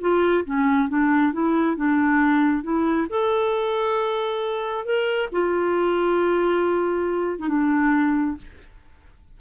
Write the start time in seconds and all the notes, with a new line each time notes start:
0.00 F4
0.45 C#4
0.89 D4
1.33 E4
1.76 D4
2.63 E4
3.09 A4
4.84 A#4
5.32 F4
7.39 D#4
7.48 D4